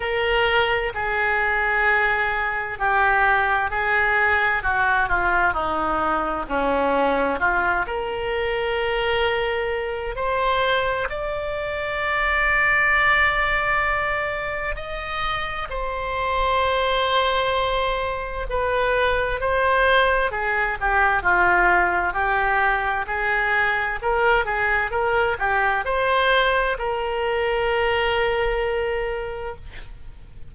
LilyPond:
\new Staff \with { instrumentName = "oboe" } { \time 4/4 \tempo 4 = 65 ais'4 gis'2 g'4 | gis'4 fis'8 f'8 dis'4 cis'4 | f'8 ais'2~ ais'8 c''4 | d''1 |
dis''4 c''2. | b'4 c''4 gis'8 g'8 f'4 | g'4 gis'4 ais'8 gis'8 ais'8 g'8 | c''4 ais'2. | }